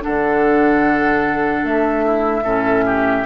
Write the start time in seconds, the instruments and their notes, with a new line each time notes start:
0.00 clarinet D4, oboe A4, flute F#5
0.06 bassoon D3
1.63 bassoon A3, flute E5
2.05 oboe E4
2.43 bassoon A2, clarinet C#4, oboe A4
2.86 oboe G4